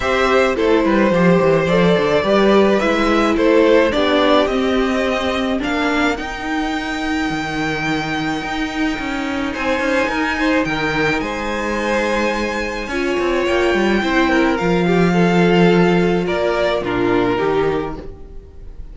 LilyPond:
<<
  \new Staff \with { instrumentName = "violin" } { \time 4/4 \tempo 4 = 107 e''4 c''2 d''4~ | d''4 e''4 c''4 d''4 | dis''2 f''4 g''4~ | g''1~ |
g''4 gis''2 g''4 | gis''1 | g''2 f''2~ | f''4 d''4 ais'2 | }
  \new Staff \with { instrumentName = "violin" } { \time 4/4 c''4 a'8 b'8 c''2 | b'2 a'4 g'4~ | g'2 ais'2~ | ais'1~ |
ais'4 c''4 ais'8 c''8 ais'4 | c''2. cis''4~ | cis''4 c''8 ais'4 g'8 a'4~ | a'4 ais'4 f'4 g'4 | }
  \new Staff \with { instrumentName = "viola" } { \time 4/4 g'4 e'4 g'4 a'4 | g'4 e'2 d'4 | c'2 d'4 dis'4~ | dis'1~ |
dis'1~ | dis'2. f'4~ | f'4 e'4 f'2~ | f'2 d'4 dis'4 | }
  \new Staff \with { instrumentName = "cello" } { \time 4/4 c'4 a8 g8 f8 e8 f8 d8 | g4 gis4 a4 b4 | c'2 ais4 dis'4~ | dis'4 dis2 dis'4 |
cis'4 c'8 cis'8 dis'4 dis4 | gis2. cis'8 c'8 | ais8 g8 c'4 f2~ | f4 ais4 ais,4 dis4 | }
>>